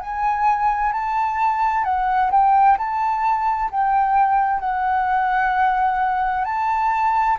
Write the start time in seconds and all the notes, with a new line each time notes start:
0.00 G#5
0.93 A5
1.84 F#5
2.31 G5
2.78 A5
3.71 G5
4.60 F#5
6.44 A5